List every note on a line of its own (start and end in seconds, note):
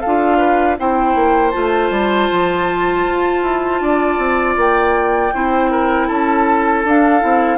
0.00 0.79 D4
0.00 0.78 F4
0.00 0.37 A4
0.00 0.76 F5
0.37 0.75 B4
0.78 1.15 C4
0.78 1.52 E4
0.78 3.82 C5
0.78 1.51 G5
1.15 1.53 A#3
1.51 1.90 A3
1.51 5.32 F4
1.51 4.54 A5
1.90 2.28 G3
2.32 3.06 F3
3.06 3.42 F4
3.42 3.80 E4
3.80 4.18 D4
3.80 5.34 D5
4.18 4.56 C4
4.56 5.32 A#3
4.56 6.08 G5
5.33 6.09 C4
5.33 6.85 E4
5.33 5.70 C5
5.70 6.07 A#4
6.07 6.84 C#4
6.07 7.58 A4
6.07 6.84 A5
6.84 7.22 D4
6.84 7.20 D4
6.84 7.58 F5
7.20 7.58 C4
7.20 7.58 E4